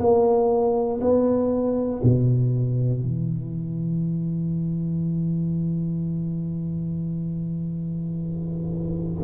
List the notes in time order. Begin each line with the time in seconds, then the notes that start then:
0.00 A#3
1.01 B3
2.03 B2
3.01 E3